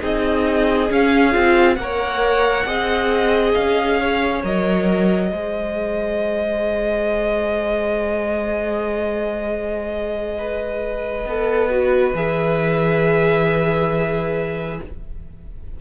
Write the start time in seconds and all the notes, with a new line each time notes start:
0.00 C4 D#4 G#4 D#5
0.90 C#4 F5
1.33 C4 F4
1.76 A#3 A#4 F#5
1.83 C#5
2.66 C4 G#4 D#5
3.54 C#4 F5
4.00 C#5
4.44 F#3 A#4 D#5
5.29 G#3 G#4 C5
10.39 B4
11.26 B3 A4
11.70 F#4
12.15 E3 G#4 E5